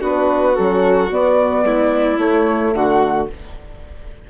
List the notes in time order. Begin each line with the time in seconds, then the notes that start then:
0.00 B3 D4 F#4 B4
0.55 F#3 C#4 A4
1.11 B3 D5
1.64 G#3 E4
2.18 A3 C#5
2.73 D3 F#4 F#5